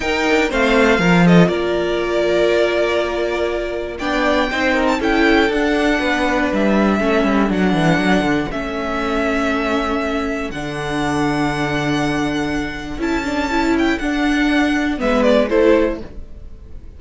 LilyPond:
<<
  \new Staff \with { instrumentName = "violin" } { \time 4/4 \tempo 4 = 120 g''4 f''4. dis''8 d''4~ | d''1 | g''4.~ g''16 a''16 g''4 fis''4~ | fis''4 e''2 fis''4~ |
fis''4 e''2.~ | e''4 fis''2.~ | fis''2 a''4. g''8 | fis''2 e''8 d''8 c''4 | }
  \new Staff \with { instrumentName = "violin" } { \time 4/4 ais'4 c''4 ais'8 a'8 ais'4~ | ais'1 | d''4 c''8 ais'8 a'2 | b'2 a'2~ |
a'1~ | a'1~ | a'1~ | a'2 b'4 a'4 | }
  \new Staff \with { instrumentName = "viola" } { \time 4/4 dis'4 c'4 f'2~ | f'1 | d'4 dis'4 e'4 d'4~ | d'2 cis'4 d'4~ |
d'4 cis'2.~ | cis'4 d'2.~ | d'2 e'8 d'8 e'4 | d'2 b4 e'4 | }
  \new Staff \with { instrumentName = "cello" } { \time 4/4 dis'8 d'8 a4 f4 ais4~ | ais1 | b4 c'4 cis'4 d'4 | b4 g4 a8 g8 fis8 e8 |
fis8 d8 a2.~ | a4 d2.~ | d2 cis'2 | d'2 gis4 a4 | }
>>